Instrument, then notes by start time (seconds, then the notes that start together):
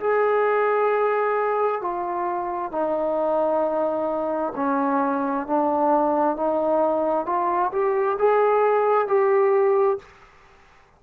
trombone
0.00 G#4
1.81 F4
2.71 D#4
4.56 C#4
5.47 D4
6.36 D#4
7.26 F4
7.72 G4
8.19 G#4
9.07 G4